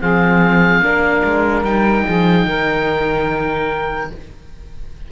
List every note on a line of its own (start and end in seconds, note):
0.00 0.81 F3
0.00 0.83 C4
0.00 0.82 G#4
0.00 1.64 F5
0.81 1.22 A#3
0.81 1.64 D4
0.81 2.05 A#4
1.24 1.63 G#3
1.63 2.04 G3
1.63 4.11 D#4
1.63 4.10 G5
2.05 2.46 F3
2.05 2.46 G#4
2.46 4.11 D#3
2.46 4.11 A#4